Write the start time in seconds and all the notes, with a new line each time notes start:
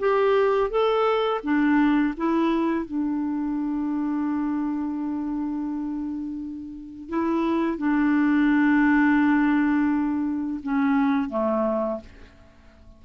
0.00 G4
0.71 A4
1.44 D4
2.17 E4
2.86 D4
7.09 E4
7.78 D4
10.63 C#4
11.30 A3